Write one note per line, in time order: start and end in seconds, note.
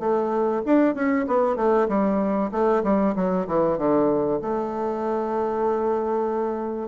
0.00 0.62 A3
0.66 0.95 D4
0.95 1.26 C#4
1.28 1.57 B3
1.57 1.88 A3
1.89 2.51 G3
2.52 2.83 A3
2.84 3.15 G3
3.16 3.47 F#3
3.47 3.78 E3
3.78 4.41 D3
4.42 6.89 A3